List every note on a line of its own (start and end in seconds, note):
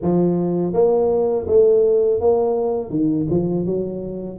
0.02 0.73 F3
0.73 1.46 A#3
1.47 2.20 A3
2.20 2.90 A#3
2.90 3.26 D#3
3.29 3.65 F3
3.65 4.38 F#3